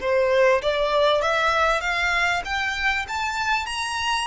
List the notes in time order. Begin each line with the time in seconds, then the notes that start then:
0.00 C5
0.62 D5
1.21 E5
1.81 F5
2.45 G5
3.08 A5
3.66 A#5